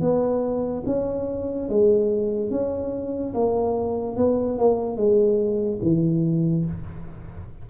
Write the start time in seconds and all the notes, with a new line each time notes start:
0.00 B3
0.86 C#4
1.69 G#3
2.50 C#4
3.33 A#3
4.16 B3
4.58 A#3
4.96 G#3
5.81 E3